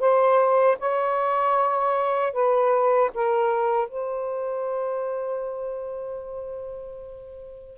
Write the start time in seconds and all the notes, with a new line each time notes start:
0.00 C5
0.79 C#5
2.33 B4
3.14 A#4
3.89 C5